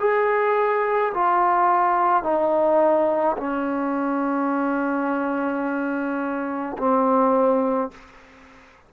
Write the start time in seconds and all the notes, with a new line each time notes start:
0.00 G#4
1.14 F4
2.23 D#4
3.38 C#4
6.78 C4